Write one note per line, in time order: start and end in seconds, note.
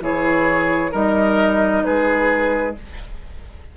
0.00 0.91 E3
0.00 0.92 E4
0.00 0.91 G#4
0.00 0.93 C#5
0.91 1.84 G3
0.91 2.74 D#4
0.91 1.82 A#4
0.91 1.84 D#5
1.84 2.76 G#3
1.84 2.77 G#4
1.84 2.75 B4